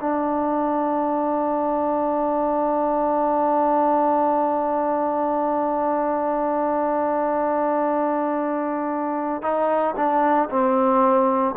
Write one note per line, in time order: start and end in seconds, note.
0.00 9.42 D4
9.42 9.94 D#4
9.96 10.48 D4
10.49 11.55 C4